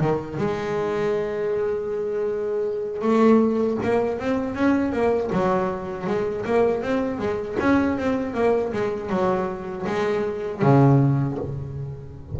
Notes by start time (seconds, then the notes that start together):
0.00 D#3
0.38 G#3
3.02 A3
3.83 A#3
4.19 C4
4.55 C#4
4.93 A#3
5.33 F#3
6.07 G#3
6.45 A#3
6.82 C4
7.19 G#3
7.60 C#4
7.98 C4
8.34 A#3
8.72 G#3
9.10 F#3
9.87 G#3
10.62 C#3